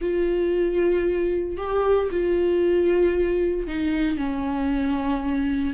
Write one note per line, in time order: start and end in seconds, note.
0.01 1.57 F4
1.57 2.09 G4
2.10 3.67 F4
3.67 4.17 D#4
4.17 5.73 C#4